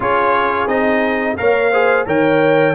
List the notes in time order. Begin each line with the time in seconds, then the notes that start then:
0.00 C#4 F4 G#4 C#5
0.67 C4 D#4 D#5
1.37 A#3 A#4 C#5 F5
1.71 G#4 C5
2.06 D#3 A#4 C#5 G5